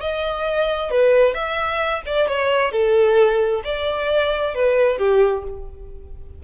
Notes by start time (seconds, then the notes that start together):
0.00 D#5
0.90 B4
1.34 E5
2.05 D5
2.27 C#5
2.71 A4
3.64 D5
4.54 B4
4.98 G4